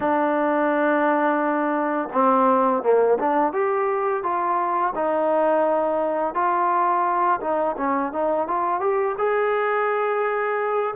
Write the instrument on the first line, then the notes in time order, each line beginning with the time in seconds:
trombone
0.00 D4
2.12 C4
2.82 A#3
3.19 D4
3.53 G4
4.23 F4
4.95 D#4
6.34 F4
7.41 D#4
7.77 C#4
8.12 D#4
8.47 F4
8.80 G4
9.18 G#4